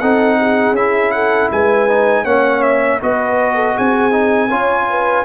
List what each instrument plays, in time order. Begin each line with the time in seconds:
0.00 tuba C4, trombone D#4, horn A4, trumpet F#5
0.40 horn G#4
0.72 tuba C#4, trombone E4, trumpet E5
1.11 horn A4, trumpet F#5
1.51 tuba G#3, horn B4, trumpet G#5
1.89 trombone D#4
2.23 tuba A#3, trombone C#4, horn C#5, trumpet F#5
2.62 trumpet E5
3.02 tuba B3, trombone F#4, horn B4, trumpet D#5
3.55 horn A4
3.75 tuba C4, horn G#4, trumpet G#5
4.11 trombone D#4
4.49 tuba C#4, trombone F4, horn C#5
4.89 horn B4